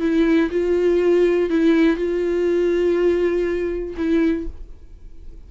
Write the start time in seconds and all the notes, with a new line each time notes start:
0.00 E4
0.50 F4
1.50 E4
1.97 F4
3.97 E4